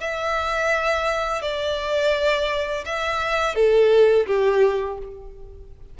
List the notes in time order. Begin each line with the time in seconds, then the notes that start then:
0.00 E5
1.42 D5
2.85 E5
3.55 A4
4.27 G4